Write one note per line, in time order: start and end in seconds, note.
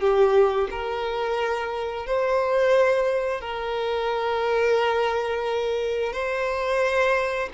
0.00 0.68 G4
0.71 2.06 A#4
2.06 3.41 C5
3.41 6.13 A#4
6.13 7.49 C5